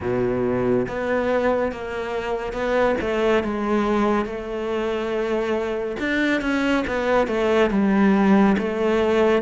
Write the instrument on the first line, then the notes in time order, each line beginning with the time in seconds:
cello
0.00 B2
0.88 B3
1.72 A#3
2.52 B3
3.00 A3
3.43 G#3
4.25 A3
5.99 D4
6.41 C#4
6.87 B3
7.27 A3
7.70 G3
8.58 A3